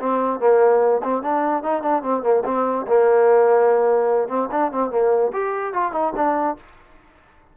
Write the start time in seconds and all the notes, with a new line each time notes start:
0.00 C4
0.40 A#3
1.04 C4
1.23 D4
1.63 D#4
1.83 D4
2.03 C4
2.23 A#3
2.45 C4
2.87 A#3
4.29 C4
4.52 D4
4.72 C4
4.91 A#3
5.33 G4
5.74 F4
5.93 D#4
6.16 D4